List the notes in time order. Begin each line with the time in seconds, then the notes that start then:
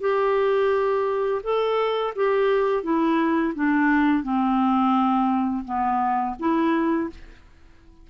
0.00 G4
1.43 A4
2.15 G4
2.83 E4
3.55 D4
4.23 C4
5.64 B3
6.39 E4